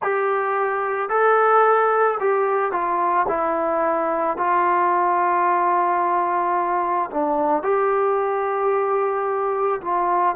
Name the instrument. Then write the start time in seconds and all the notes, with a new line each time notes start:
trombone
0.02 G4
1.09 A4
2.20 G4
2.72 F4
3.28 E4
4.37 F4
7.11 D4
7.62 G4
9.81 F4